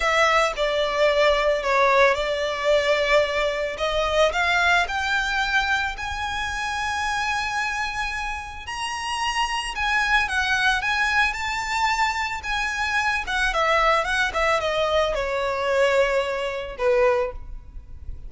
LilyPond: \new Staff \with { instrumentName = "violin" } { \time 4/4 \tempo 4 = 111 e''4 d''2 cis''4 | d''2. dis''4 | f''4 g''2 gis''4~ | gis''1 |
ais''2 gis''4 fis''4 | gis''4 a''2 gis''4~ | gis''8 fis''8 e''4 fis''8 e''8 dis''4 | cis''2. b'4 | }